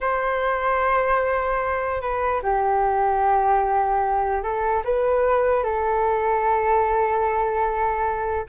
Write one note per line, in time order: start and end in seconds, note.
0.01 2.01 C5
2.01 2.41 B4
2.42 4.42 G4
4.42 4.83 A4
4.84 5.63 B4
5.63 8.45 A4